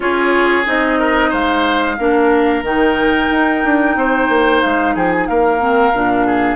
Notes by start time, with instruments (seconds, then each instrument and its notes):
0.00 bassoon C#4, clarinet F4, oboe G#4, flute C#5
0.65 bassoon C4, clarinet D#4, flute D#5
0.99 oboe A#4
1.29 bassoon G#3, oboe C5, flute F5
1.98 bassoon A#3, clarinet D4, oboe A#4
2.62 bassoon D#3, clarinet D#4, flute G5
3.30 bassoon D#4
3.64 bassoon D4
3.95 bassoon C4, oboe C5
4.28 bassoon A#3
4.62 bassoon G#3, flute F5
4.94 bassoon F3, oboe G#4, flute G5
5.11 flute G#5
5.26 bassoon A#3, oboe A#4, flute F5
5.59 clarinet C4
5.93 bassoon A#2, clarinet D4
6.26 oboe G#4